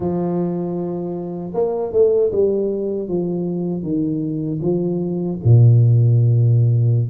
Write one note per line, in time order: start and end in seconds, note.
0.00 1.53 F3
1.53 1.92 A#3
1.92 2.31 A3
2.31 3.08 G3
3.08 3.82 F3
3.82 4.59 D#3
4.61 5.38 F3
5.43 7.09 A#2